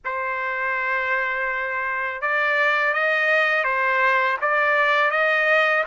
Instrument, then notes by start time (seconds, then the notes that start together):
trumpet
0.04 C5
2.21 D5
2.93 D#5
3.64 C5
4.41 D5
5.11 D#5